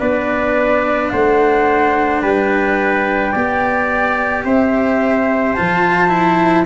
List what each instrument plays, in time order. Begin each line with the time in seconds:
0.00 tuba B3, cello D4, trumpet B4, flute D5
1.10 tuba A3, trumpet C5, flute F#5
2.22 tuba G3, trumpet B4, flute G5
3.32 tuba B3, cello G4, trumpet D5
4.44 tuba C4, trumpet C5, flute E5
5.53 cello F4, flute A5
5.60 tuba F3
6.09 cello E4